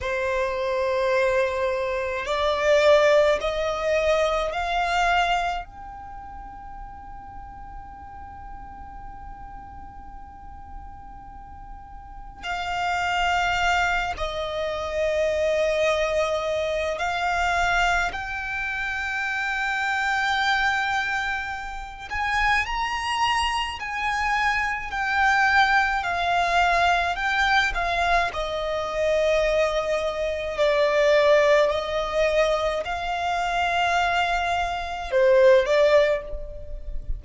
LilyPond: \new Staff \with { instrumentName = "violin" } { \time 4/4 \tempo 4 = 53 c''2 d''4 dis''4 | f''4 g''2.~ | g''2. f''4~ | f''8 dis''2~ dis''8 f''4 |
g''2.~ g''8 gis''8 | ais''4 gis''4 g''4 f''4 | g''8 f''8 dis''2 d''4 | dis''4 f''2 c''8 d''8 | }